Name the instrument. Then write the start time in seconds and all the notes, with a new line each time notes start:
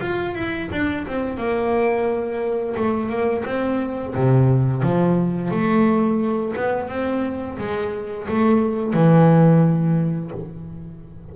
double bass
0.00 F4
0.34 E4
0.71 D4
1.07 C4
1.37 A#3
2.76 A3
3.09 A#3
3.45 C4
4.15 C3
4.82 F3
5.50 A3
6.55 B3
6.88 C4
7.58 G#3
8.28 A3
8.93 E3